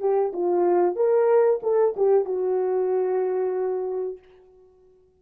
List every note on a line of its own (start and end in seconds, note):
0.00 0.32 G4
0.33 0.96 F4
0.96 1.61 A#4
1.63 1.95 A4
1.97 2.25 G4
2.25 4.19 F#4